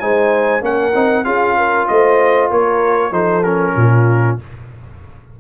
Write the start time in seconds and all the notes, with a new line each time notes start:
0.00 G#3 D#4 C5 G#5
0.62 A#3 C#4 A#4 F#5
0.95 C4 D#4
1.25 C#4 F4 G#4 F5
1.58 A#4
1.88 A3 C5 D#5
2.51 A#3 A#4 C#5
3.12 F3 D#4 A4 C5
3.44 C#4 A#4
3.76 A#2 F4